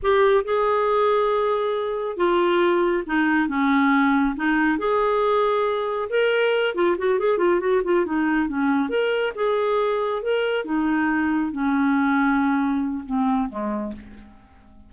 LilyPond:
\new Staff \with { instrumentName = "clarinet" } { \time 4/4 \tempo 4 = 138 g'4 gis'2.~ | gis'4 f'2 dis'4 | cis'2 dis'4 gis'4~ | gis'2 ais'4. f'8 |
fis'8 gis'8 f'8 fis'8 f'8 dis'4 cis'8~ | cis'8 ais'4 gis'2 ais'8~ | ais'8 dis'2 cis'4.~ | cis'2 c'4 gis4 | }